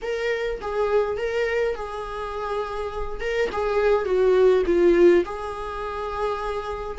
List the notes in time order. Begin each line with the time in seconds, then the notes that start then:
0.02 A#4
0.61 G#4
1.17 A#4
1.75 G#4
3.20 A#4
3.52 G#4
4.05 F#4
4.65 F4
5.25 G#4